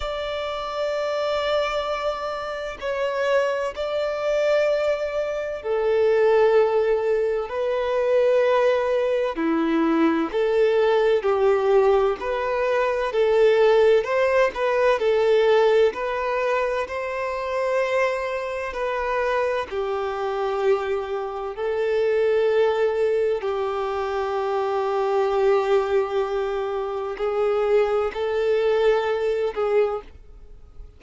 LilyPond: \new Staff \with { instrumentName = "violin" } { \time 4/4 \tempo 4 = 64 d''2. cis''4 | d''2 a'2 | b'2 e'4 a'4 | g'4 b'4 a'4 c''8 b'8 |
a'4 b'4 c''2 | b'4 g'2 a'4~ | a'4 g'2.~ | g'4 gis'4 a'4. gis'8 | }